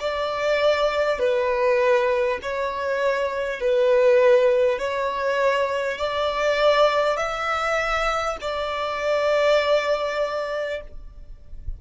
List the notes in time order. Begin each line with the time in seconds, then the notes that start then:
0.00 D5
1.19 B4
2.42 C#5
3.60 B4
4.79 C#5
5.98 D5
7.17 E5
8.41 D5